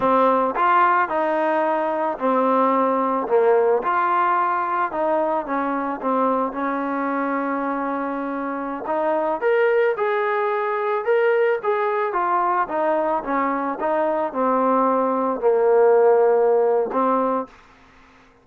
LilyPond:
\new Staff \with { instrumentName = "trombone" } { \time 4/4 \tempo 4 = 110 c'4 f'4 dis'2 | c'2 ais4 f'4~ | f'4 dis'4 cis'4 c'4 | cis'1~ |
cis'16 dis'4 ais'4 gis'4.~ gis'16~ | gis'16 ais'4 gis'4 f'4 dis'8.~ | dis'16 cis'4 dis'4 c'4.~ c'16~ | c'16 ais2~ ais8. c'4 | }